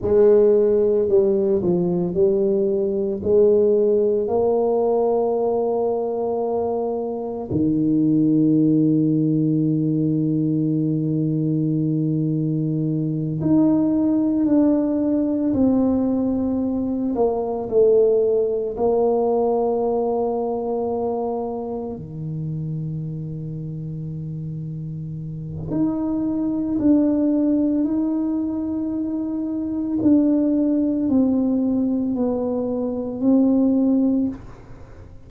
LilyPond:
\new Staff \with { instrumentName = "tuba" } { \time 4/4 \tempo 4 = 56 gis4 g8 f8 g4 gis4 | ais2. dis4~ | dis1~ | dis8 dis'4 d'4 c'4. |
ais8 a4 ais2~ ais8~ | ais8 dis2.~ dis8 | dis'4 d'4 dis'2 | d'4 c'4 b4 c'4 | }